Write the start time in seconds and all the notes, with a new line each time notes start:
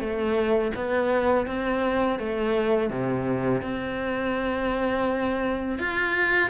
0.00 A3
0.76 B3
1.47 C4
2.19 A3
2.90 C3
3.62 C4
5.79 F4